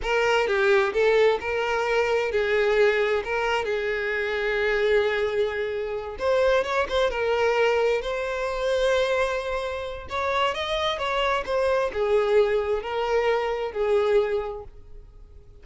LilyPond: \new Staff \with { instrumentName = "violin" } { \time 4/4 \tempo 4 = 131 ais'4 g'4 a'4 ais'4~ | ais'4 gis'2 ais'4 | gis'1~ | gis'4. c''4 cis''8 c''8 ais'8~ |
ais'4. c''2~ c''8~ | c''2 cis''4 dis''4 | cis''4 c''4 gis'2 | ais'2 gis'2 | }